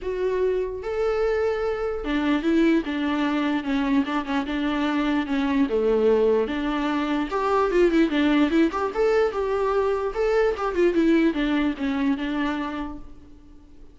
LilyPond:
\new Staff \with { instrumentName = "viola" } { \time 4/4 \tempo 4 = 148 fis'2 a'2~ | a'4 d'4 e'4 d'4~ | d'4 cis'4 d'8 cis'8 d'4~ | d'4 cis'4 a2 |
d'2 g'4 f'8 e'8 | d'4 e'8 g'8 a'4 g'4~ | g'4 a'4 g'8 f'8 e'4 | d'4 cis'4 d'2 | }